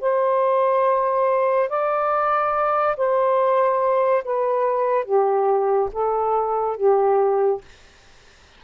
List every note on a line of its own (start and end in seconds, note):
0.00 1.69 C5
1.69 2.95 D5
2.96 4.23 C5
4.24 5.04 B4
5.04 5.89 G4
5.92 6.76 A4
6.76 7.61 G4